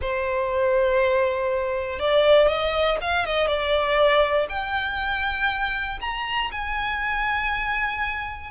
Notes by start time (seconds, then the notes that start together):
0.01 C5
1.99 D5
2.48 D#5
3.01 F5
3.25 D#5
3.47 D5
4.49 G5
6.00 A#5
6.51 G#5